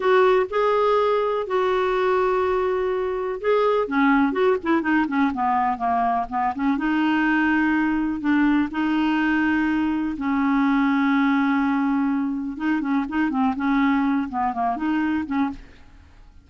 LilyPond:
\new Staff \with { instrumentName = "clarinet" } { \time 4/4 \tempo 4 = 124 fis'4 gis'2 fis'4~ | fis'2. gis'4 | cis'4 fis'8 e'8 dis'8 cis'8 b4 | ais4 b8 cis'8 dis'2~ |
dis'4 d'4 dis'2~ | dis'4 cis'2.~ | cis'2 dis'8 cis'8 dis'8 c'8 | cis'4. b8 ais8 dis'4 cis'8 | }